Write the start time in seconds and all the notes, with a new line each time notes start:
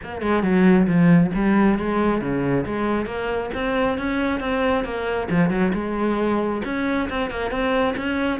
0.03 A#3
0.21 G#3
0.42 F#3
0.87 F3
1.34 G3
1.78 G#3
2.21 C#3
2.66 G#3
3.05 A#3
3.54 C4
3.98 C#4
4.40 C4
4.84 A#3
5.29 F3
5.49 F#3
5.73 G#3
6.64 C#4
7.09 C4
7.30 A#3
7.50 C4
7.96 C#4